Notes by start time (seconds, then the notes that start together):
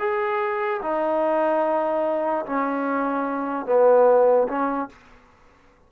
0.00 G#4
0.83 D#4
2.46 C#4
3.66 B3
4.48 C#4